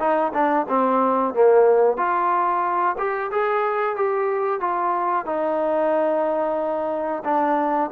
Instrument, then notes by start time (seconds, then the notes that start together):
trombone
0.00 D#4
0.34 D4
0.70 C4
1.34 A#3
1.98 F4
2.99 G4
3.31 G#4
3.97 G4
4.61 F4
5.26 D#4
7.25 D4